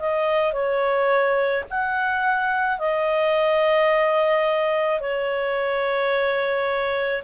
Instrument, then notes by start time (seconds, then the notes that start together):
clarinet
0.00 D#5
0.53 C#5
1.70 F#5
2.79 D#5
5.01 C#5